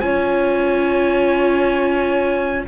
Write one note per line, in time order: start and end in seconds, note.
0.00 2.67 C#4
0.00 2.66 F4
0.00 2.68 C#5
0.00 2.65 G#5